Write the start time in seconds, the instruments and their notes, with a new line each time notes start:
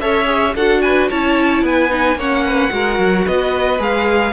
0.00 cello C#4, viola A4, violin C#5 E5
0.25 viola G#4
0.55 cello D4, viola F#4, violin A4 F#5
0.81 violin B4 G#5
1.09 cello C#4, viola E4, violin C#5 A5
1.62 cello B3, violin B4 G#5
1.89 viola D#4
2.15 cello A#3, viola C#4, violin C#5 F#5
2.45 violin B4
2.70 cello G#3, viola F#4, violin A#4
2.98 cello F#3
3.25 cello B3, violin B4 D#5
3.79 cello G#3, viola G#4, violin F5